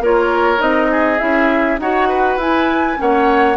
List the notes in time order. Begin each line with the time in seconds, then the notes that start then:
0.00 A#3 F4 A#4 C#5
0.58 C4 D#4 D#5
0.91 G#4
1.19 C#4 E4 E5
1.79 D#4 F#4 C#5 F#5
2.09 B4
2.37 E4 G#5
2.97 A#3 C#4 C#5 F#5